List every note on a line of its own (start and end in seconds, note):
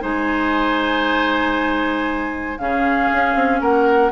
0.00 2.58 G#3
0.00 2.56 D#4
0.00 2.58 C5
0.00 2.58 G#5
2.58 3.09 C#3
2.58 4.12 C#4
2.58 3.60 G#4
2.58 3.60 F5
3.13 3.35 C#4
3.35 3.60 C4
3.60 4.12 A#3
3.60 4.12 A#4
3.60 4.12 F#5